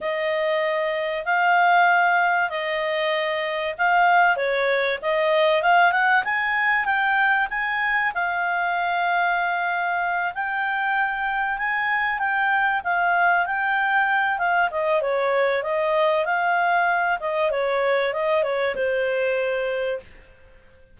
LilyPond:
\new Staff \with { instrumentName = "clarinet" } { \time 4/4 \tempo 4 = 96 dis''2 f''2 | dis''2 f''4 cis''4 | dis''4 f''8 fis''8 gis''4 g''4 | gis''4 f''2.~ |
f''8 g''2 gis''4 g''8~ | g''8 f''4 g''4. f''8 dis''8 | cis''4 dis''4 f''4. dis''8 | cis''4 dis''8 cis''8 c''2 | }